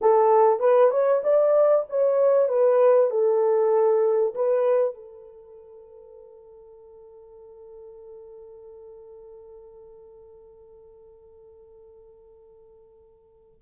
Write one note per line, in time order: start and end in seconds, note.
0.01 0.59 A4
0.59 0.90 B4
0.90 1.21 C#5
1.23 1.85 D5
1.89 2.48 C#5
2.48 3.10 B4
3.10 4.34 A4
4.35 4.94 B4
4.94 13.60 A4